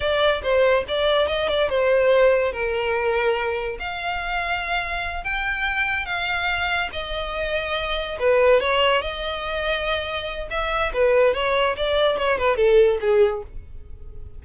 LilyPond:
\new Staff \with { instrumentName = "violin" } { \time 4/4 \tempo 4 = 143 d''4 c''4 d''4 dis''8 d''8 | c''2 ais'2~ | ais'4 f''2.~ | f''8 g''2 f''4.~ |
f''8 dis''2. b'8~ | b'8 cis''4 dis''2~ dis''8~ | dis''4 e''4 b'4 cis''4 | d''4 cis''8 b'8 a'4 gis'4 | }